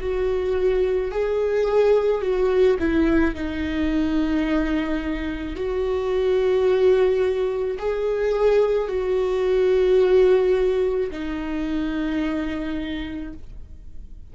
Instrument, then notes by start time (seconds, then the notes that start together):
viola
0.00 F#4
1.11 G#4
2.21 F#4
2.79 E4
3.35 D#4
5.56 F#4
7.79 G#4
8.88 F#4
11.11 D#4